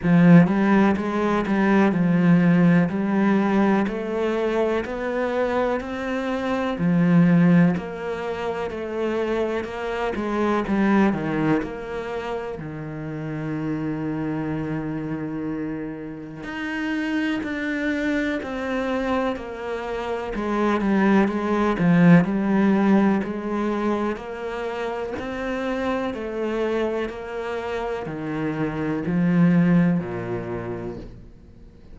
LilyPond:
\new Staff \with { instrumentName = "cello" } { \time 4/4 \tempo 4 = 62 f8 g8 gis8 g8 f4 g4 | a4 b4 c'4 f4 | ais4 a4 ais8 gis8 g8 dis8 | ais4 dis2.~ |
dis4 dis'4 d'4 c'4 | ais4 gis8 g8 gis8 f8 g4 | gis4 ais4 c'4 a4 | ais4 dis4 f4 ais,4 | }